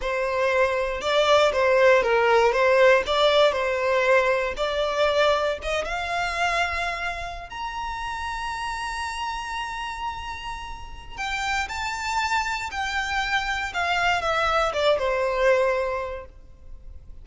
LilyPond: \new Staff \with { instrumentName = "violin" } { \time 4/4 \tempo 4 = 118 c''2 d''4 c''4 | ais'4 c''4 d''4 c''4~ | c''4 d''2 dis''8 f''8~ | f''2~ f''8. ais''4~ ais''16~ |
ais''1~ | ais''2 g''4 a''4~ | a''4 g''2 f''4 | e''4 d''8 c''2~ c''8 | }